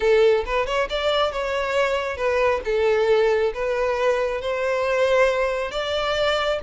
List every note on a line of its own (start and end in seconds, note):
0.00 0.44 A4
0.45 0.66 B4
0.66 0.88 C#5
0.89 1.32 D5
1.32 2.16 C#5
2.16 2.60 B4
2.64 3.53 A4
3.54 4.41 B4
4.41 5.71 C5
5.71 6.59 D5